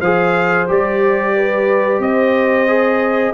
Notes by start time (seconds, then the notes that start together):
0.00 F3 G#4 C5 F5
0.67 G3 G4 D5
1.36 B4
1.99 C4 C5 D#5
2.67 G#4